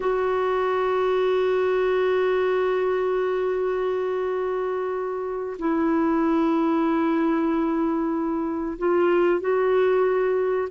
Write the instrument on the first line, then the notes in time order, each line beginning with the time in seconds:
clarinet
0.00 F#4
5.59 E4
8.78 F4
9.40 F#4